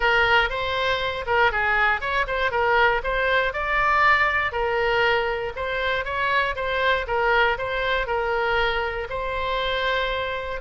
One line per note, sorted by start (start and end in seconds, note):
0.00 0.49 A#4
0.49 1.25 C5
1.26 1.51 A#4
1.51 2.01 G#4
2.01 2.26 C#5
2.27 2.51 C5
2.51 3.01 A#4
3.03 3.53 C5
3.53 4.51 D5
4.51 5.52 A#4
5.56 6.04 C5
6.04 6.55 C#5
6.55 7.06 C5
7.07 7.57 A#4
7.57 8.06 C5
8.06 9.07 A#4
9.09 10.60 C5